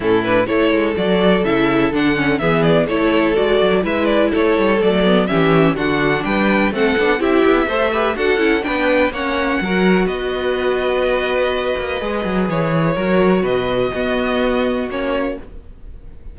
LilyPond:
<<
  \new Staff \with { instrumentName = "violin" } { \time 4/4 \tempo 4 = 125 a'8 b'8 cis''4 d''4 e''4 | fis''4 e''8 d''8 cis''4 d''4 | e''8 d''8 cis''4 d''4 e''4 | fis''4 g''4 fis''4 e''4~ |
e''4 fis''4 g''4 fis''4~ | fis''4 dis''2.~ | dis''2 cis''2 | dis''2. cis''4 | }
  \new Staff \with { instrumentName = "violin" } { \time 4/4 e'4 a'2.~ | a'4 gis'4 a'2 | b'4 a'2 g'4 | fis'4 b'4 a'4 g'4 |
c''8 b'8 a'4 b'4 cis''4 | ais'4 b'2.~ | b'2. ais'4 | b'4 fis'2. | }
  \new Staff \with { instrumentName = "viola" } { \time 4/4 cis'8 d'8 e'4 fis'4 e'4 | d'8 cis'8 b4 e'4 fis'4 | e'2 a8 b8 cis'4 | d'2 c'8 d'8 e'4 |
a'8 g'8 fis'8 e'8 d'4 cis'4 | fis'1~ | fis'4 gis'2 fis'4~ | fis'4 b2 cis'4 | }
  \new Staff \with { instrumentName = "cello" } { \time 4/4 a,4 a8 gis8 fis4 cis4 | d4 e4 a4 gis8 fis8 | gis4 a8 g8 fis4 e4 | d4 g4 a8 b8 c'8 b8 |
a4 d'8 cis'8 b4 ais4 | fis4 b2.~ | b8 ais8 gis8 fis8 e4 fis4 | b,4 b2 ais4 | }
>>